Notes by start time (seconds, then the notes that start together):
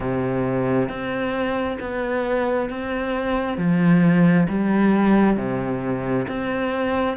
0.00 C3
0.88 C4
1.80 B3
2.69 C4
3.57 F3
4.48 G3
5.36 C3
6.28 C4